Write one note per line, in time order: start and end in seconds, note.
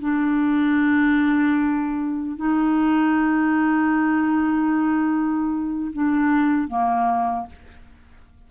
0.00 2.37 D4
2.37 5.92 D#4
5.93 6.68 D4
6.68 7.47 A#3